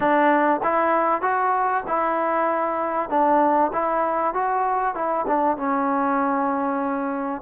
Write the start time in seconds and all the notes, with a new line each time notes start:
0.00 D4
0.63 E4
1.21 F#4
1.87 E4
3.09 D4
3.73 E4
4.34 F#4
4.94 E4
5.27 D4
5.57 C#4